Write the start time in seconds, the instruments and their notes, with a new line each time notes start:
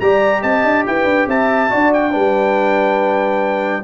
0.00 tuba G3, trombone G4, horn D5, trumpet A#5
0.42 tuba C4, horn D#5, trumpet A5
0.64 tuba D4
0.87 tuba E4, horn B4, trumpet G5
1.05 tuba D4
1.27 tuba C4, horn E5, trumpet A5
1.70 tuba D4, trombone F#4, horn D5
1.94 trumpet G5
2.12 tuba G3, trombone D4, horn B4